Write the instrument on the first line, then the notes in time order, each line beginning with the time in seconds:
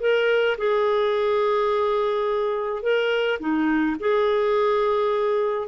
clarinet
0.00 A#4
0.58 G#4
2.82 A#4
3.40 D#4
4.00 G#4